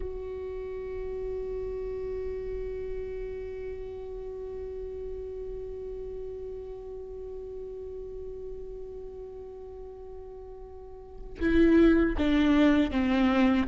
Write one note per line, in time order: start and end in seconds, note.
0.00 11.39 F#4
11.40 12.16 E4
12.18 12.91 D4
12.91 13.67 C4